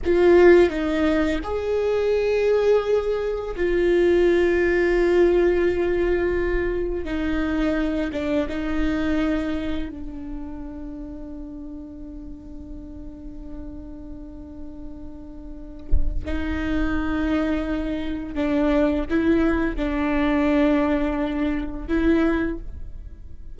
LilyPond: \new Staff \with { instrumentName = "viola" } { \time 4/4 \tempo 4 = 85 f'4 dis'4 gis'2~ | gis'4 f'2.~ | f'2 dis'4. d'8 | dis'2 d'2~ |
d'1~ | d'2. dis'4~ | dis'2 d'4 e'4 | d'2. e'4 | }